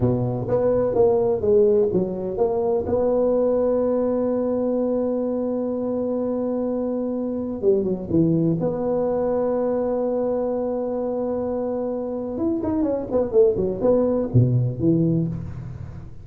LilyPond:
\new Staff \with { instrumentName = "tuba" } { \time 4/4 \tempo 4 = 126 b,4 b4 ais4 gis4 | fis4 ais4 b2~ | b1~ | b1 |
g8 fis8 e4 b2~ | b1~ | b2 e'8 dis'8 cis'8 b8 | a8 fis8 b4 b,4 e4 | }